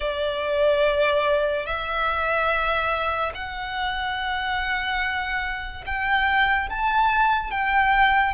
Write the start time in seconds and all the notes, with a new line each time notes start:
0.00 D5
1.66 E5
3.34 F#5
5.85 G5
6.69 A5
7.50 G5